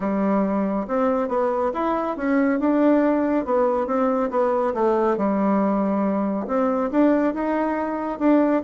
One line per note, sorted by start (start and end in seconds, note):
0.00 0.86 G3
0.87 1.28 C4
1.28 1.71 B3
1.73 2.16 E4
2.16 2.59 C#4
2.59 3.45 D4
3.45 3.86 B3
3.86 4.29 C4
4.30 4.73 B3
4.73 5.17 A3
5.17 6.46 G3
6.47 6.90 C4
6.91 7.34 D4
7.34 8.19 D#4
8.19 8.62 D4